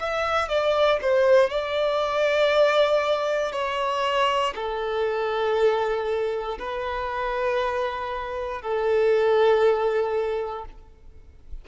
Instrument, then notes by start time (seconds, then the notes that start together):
violin
0.00 E5
0.49 D5
1.02 C5
1.50 D5
3.53 C#5
4.55 A4
6.59 B4
8.62 A4